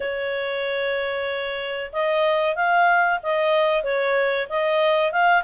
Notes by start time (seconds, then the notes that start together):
0.00 C#5
1.92 D#5
2.55 F5
3.22 D#5
3.83 C#5
4.49 D#5
5.12 F5